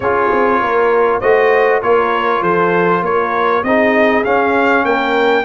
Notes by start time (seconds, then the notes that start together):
0.00 C#4 F4 G#4 C#5
0.31 C4
0.60 A#3 A#4
1.20 A3 F#4 C5 D#5
1.82 A#3 F4 A#4 C#5
2.41 F3 A4 C5
3.01 A#3 A#4 C#5
3.63 C4 D#4 G#4 D#5
4.24 C#4 F5
4.84 A#3 A#4 G5